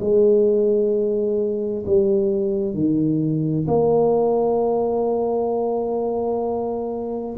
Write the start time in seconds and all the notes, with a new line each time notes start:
0.00 G#3
1.86 G3
2.74 D#3
3.68 A#3